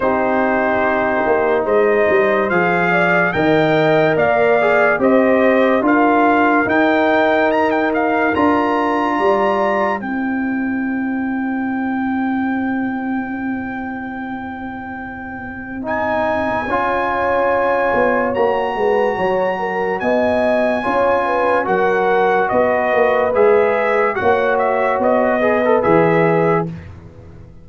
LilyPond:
<<
  \new Staff \with { instrumentName = "trumpet" } { \time 4/4 \tempo 4 = 72 c''2 dis''4 f''4 | g''4 f''4 dis''4 f''4 | g''4 ais''16 g''16 f''8 ais''2 | g''1~ |
g''2. gis''4~ | gis''2 ais''2 | gis''2 fis''4 dis''4 | e''4 fis''8 e''8 dis''4 e''4 | }
  \new Staff \with { instrumentName = "horn" } { \time 4/4 g'2 c''4. d''8 | dis''4 d''4 c''4 ais'4~ | ais'2. d''4 | c''1~ |
c''1 | cis''2~ cis''8 b'8 cis''8 ais'8 | dis''4 cis''8 b'8 ais'4 b'4~ | b'4 cis''4. b'4. | }
  \new Staff \with { instrumentName = "trombone" } { \time 4/4 dis'2. gis'4 | ais'4. gis'8 g'4 f'4 | dis'2 f'2 | e'1~ |
e'2. dis'4 | f'2 fis'2~ | fis'4 f'4 fis'2 | gis'4 fis'4. gis'16 a'16 gis'4 | }
  \new Staff \with { instrumentName = "tuba" } { \time 4/4 c'4. ais8 gis8 g8 f4 | dis4 ais4 c'4 d'4 | dis'2 d'4 g4 | c'1~ |
c'1 | cis'4. b8 ais8 gis8 fis4 | b4 cis'4 fis4 b8 ais8 | gis4 ais4 b4 e4 | }
>>